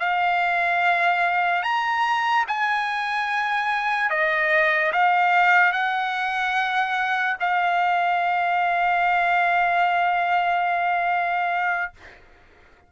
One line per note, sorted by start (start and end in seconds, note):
0.00 1.63 F5
1.63 2.45 A#5
2.48 4.10 G#5
4.10 4.92 D#5
4.93 5.73 F5
5.73 7.37 F#5
7.40 11.93 F5